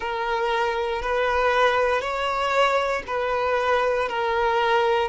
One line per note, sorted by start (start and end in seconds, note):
0.00 1.02 A#4
1.02 2.01 B4
2.01 3.02 C#5
3.06 4.08 B4
4.09 5.09 A#4